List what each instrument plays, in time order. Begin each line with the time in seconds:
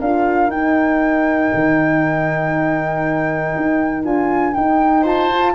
0.00 tuba D4, horn F4, oboe A#4, flute F5
0.47 tuba D#4, horn D#4, flute G5
1.54 tuba D#3
3.56 tuba D#4
4.04 tuba D4, horn F4, flute G#5
4.54 horn D#4, tuba D#4, flute G5
5.02 tuba F4, oboe C5, flute A5
5.30 horn F4